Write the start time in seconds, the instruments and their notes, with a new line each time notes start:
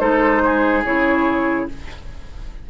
0.00 bassoon G#3, clarinet D#4, oboe A4, flute C5
0.45 oboe G#4
0.85 bassoon C#3, clarinet E4, flute C#5